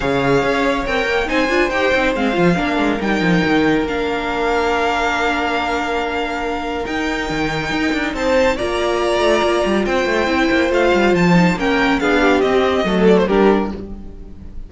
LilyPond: <<
  \new Staff \with { instrumentName = "violin" } { \time 4/4 \tempo 4 = 140 f''2 g''4 gis''4 | g''4 f''2 g''4~ | g''4 f''2.~ | f''1 |
g''2. a''4 | ais''2. g''4~ | g''4 f''4 a''4 g''4 | f''4 dis''4. d''16 c''16 ais'4 | }
  \new Staff \with { instrumentName = "violin" } { \time 4/4 cis''2. c''4~ | c''2 ais'2~ | ais'1~ | ais'1~ |
ais'2. c''4 | d''2. c''4~ | c''2. ais'4 | gis'8 g'4. a'4 g'4 | }
  \new Staff \with { instrumentName = "viola" } { \time 4/4 gis'2 ais'4 dis'8 f'8 | g'8 dis'8 c'8 f'8 d'4 dis'4~ | dis'4 d'2.~ | d'1 |
dis'1 | f'1 | e'4 f'4. dis'8 cis'4 | d'4 c'4 a4 d'4 | }
  \new Staff \with { instrumentName = "cello" } { \time 4/4 cis4 cis'4 c'8 ais8 c'8 d'8 | dis'8 c'8 gis8 f8 ais8 gis8 g8 f8 | dis4 ais2.~ | ais1 |
dis'4 dis4 dis'8 d'8 c'4 | ais4. a8 ais8 g8 c'8 a8 | c'8 ais8 a8 g8 f4 ais4 | b4 c'4 fis4 g4 | }
>>